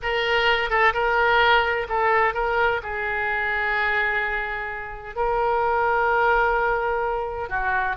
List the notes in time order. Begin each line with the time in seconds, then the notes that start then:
0.02 A#4
0.69 A4
0.93 A#4
1.89 A4
2.34 A#4
2.82 G#4
5.15 A#4
7.49 F#4